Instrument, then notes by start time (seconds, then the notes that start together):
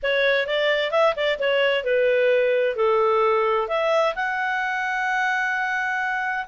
clarinet
0.03 C#5
0.46 D5
0.91 E5
1.15 D5
1.39 C#5
1.84 B4
2.76 A4
3.68 E5
4.15 F#5